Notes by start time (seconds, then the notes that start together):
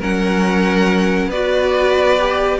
0.00 F#3 C#4 A#4 F#5
1.27 B3 B4 D5
1.33 F#4
2.19 G4